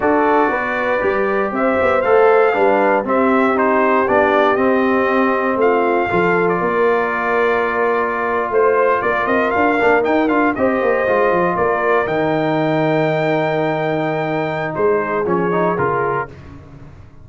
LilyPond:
<<
  \new Staff \with { instrumentName = "trumpet" } { \time 4/4 \tempo 4 = 118 d''2. e''4 | f''2 e''4 c''4 | d''4 dis''2 f''4~ | f''8. d''2.~ d''16~ |
d''8. c''4 d''8 dis''8 f''4 g''16~ | g''16 f''8 dis''2 d''4 g''16~ | g''1~ | g''4 c''4 cis''4 ais'4 | }
  \new Staff \with { instrumentName = "horn" } { \time 4/4 a'4 b'2 c''4~ | c''4 b'4 g'2~ | g'2. f'4 | a'4 ais'2.~ |
ais'8. c''4 ais'2~ ais'16~ | ais'8. c''2 ais'4~ ais'16~ | ais'1~ | ais'4 gis'2. | }
  \new Staff \with { instrumentName = "trombone" } { \time 4/4 fis'2 g'2 | a'4 d'4 c'4 dis'4 | d'4 c'2. | f'1~ |
f'2.~ f'16 d'8 dis'16~ | dis'16 f'8 g'4 f'2 dis'16~ | dis'1~ | dis'2 cis'8 dis'8 f'4 | }
  \new Staff \with { instrumentName = "tuba" } { \time 4/4 d'4 b4 g4 c'8 b8 | a4 g4 c'2 | b4 c'2 a4 | f4 ais2.~ |
ais8. a4 ais8 c'8 d'8 ais8 dis'16~ | dis'16 d'8 c'8 ais8 gis8 f8 ais4 dis16~ | dis1~ | dis4 gis4 f4 cis4 | }
>>